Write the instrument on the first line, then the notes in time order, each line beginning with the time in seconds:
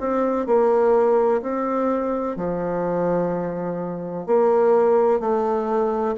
bassoon
0.00 C4
0.46 A#3
1.42 C4
2.36 F3
4.26 A#3
5.20 A3